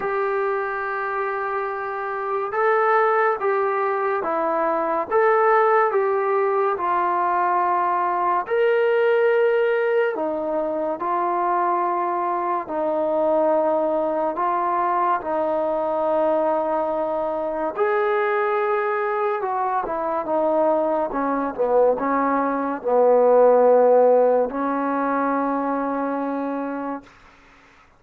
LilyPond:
\new Staff \with { instrumentName = "trombone" } { \time 4/4 \tempo 4 = 71 g'2. a'4 | g'4 e'4 a'4 g'4 | f'2 ais'2 | dis'4 f'2 dis'4~ |
dis'4 f'4 dis'2~ | dis'4 gis'2 fis'8 e'8 | dis'4 cis'8 b8 cis'4 b4~ | b4 cis'2. | }